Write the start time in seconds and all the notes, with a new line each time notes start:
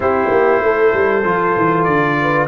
0.00 C4 E4 G4 C5
0.31 A#3
0.61 A3 A4
0.93 G3
1.24 F3 F4
1.56 E3
1.83 D3 D5
2.21 B4